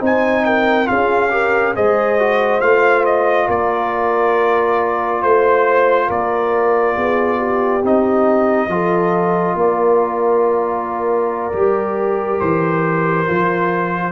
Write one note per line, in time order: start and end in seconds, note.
0.00 0.88 C4
0.00 0.86 D#4
0.00 0.43 C5
0.00 0.45 G#5
0.45 0.89 A#4
0.45 0.88 G5
0.86 1.77 C#4
0.86 1.29 F4
0.86 1.33 G#4
0.86 1.75 F5
1.31 1.74 G4
1.31 1.76 A#4
1.76 2.62 G#3
1.76 2.19 G#4
1.76 3.47 C5
1.76 2.61 D#5
2.19 2.61 F#4
2.61 3.49 A3
2.61 7.83 F4
2.61 3.05 F5
3.05 3.49 D#5
3.47 5.23 A#3
3.47 5.21 A#4
3.47 5.23 D5
5.23 6.10 A3
5.23 6.08 C5
5.23 6.10 C5
6.08 6.97 A#3
6.08 6.95 A#4
6.08 7.85 D5
6.96 7.84 B3
6.96 7.38 G#4
7.38 8.68 G4
7.84 8.68 C4
7.84 8.70 D#4
7.84 9.60 D#5
8.68 9.55 F3
8.68 11.53 F4
8.68 9.57 A4
9.56 11.52 A#3
9.56 14.13 A#4
9.56 12.40 D5
11.53 12.40 G3
11.53 13.27 G4
12.40 13.28 E3
12.40 14.13 C5
13.27 14.13 F3
13.27 14.13 F4